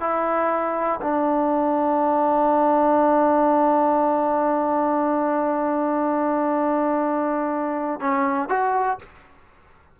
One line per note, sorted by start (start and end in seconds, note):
0.00 1.00 E4
1.01 8.00 D4
8.00 8.49 C#4
8.49 8.99 F#4